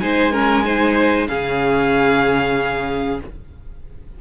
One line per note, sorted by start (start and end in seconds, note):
0.00 1.29 G#3
0.00 0.33 D#4
0.00 0.32 C5
0.00 1.28 G#5
0.32 0.64 C#4
0.32 0.64 A#4
0.64 1.28 D#4
0.64 1.29 C5
1.28 3.21 C#3
1.28 3.19 C#4
1.28 3.21 G#4
1.28 3.19 F5